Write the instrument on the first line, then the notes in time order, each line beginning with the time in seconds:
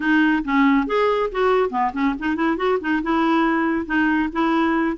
clarinet
0.00 D#4
0.44 C#4
0.86 G#4
1.31 F#4
1.70 B3
1.93 C#4
2.19 D#4
2.35 E4
2.56 F#4
2.80 D#4
3.02 E4
3.86 D#4
4.32 E4